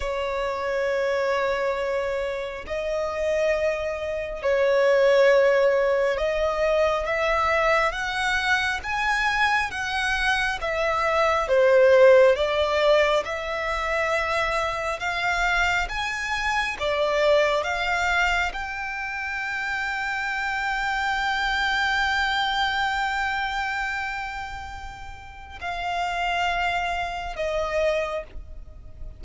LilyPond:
\new Staff \with { instrumentName = "violin" } { \time 4/4 \tempo 4 = 68 cis''2. dis''4~ | dis''4 cis''2 dis''4 | e''4 fis''4 gis''4 fis''4 | e''4 c''4 d''4 e''4~ |
e''4 f''4 gis''4 d''4 | f''4 g''2.~ | g''1~ | g''4 f''2 dis''4 | }